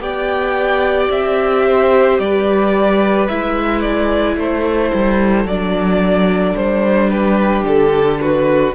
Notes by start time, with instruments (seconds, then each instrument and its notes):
0.00 cello B3, viola G4, violin D5 G5
1.10 cello C4, violin E5
1.66 violin C5
2.19 cello G3, violin B4 D5
3.28 cello G#3, viola E4, violin E5
3.81 violin D5
4.36 cello A3, violin A4 C5
4.95 cello G3
5.45 cello F#3, viola D4, violin D5
6.56 cello G3, violin C5
7.10 violin G4 B4
7.64 cello D3, violin A4
8.20 violin F#4 B4